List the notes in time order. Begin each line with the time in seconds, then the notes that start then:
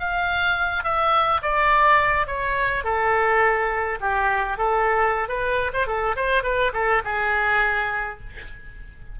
0.00 F5
0.84 E5
1.42 D5
2.27 C#5
2.84 A4
4.01 G4
4.58 A4
5.29 B4
5.74 C5
5.87 A4
6.16 C5
6.44 B4
6.74 A4
7.05 G#4